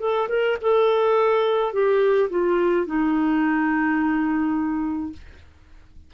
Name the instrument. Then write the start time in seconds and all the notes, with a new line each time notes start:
clarinet
0.00 A4
0.29 A#4
0.62 A4
1.73 G4
2.30 F4
2.87 D#4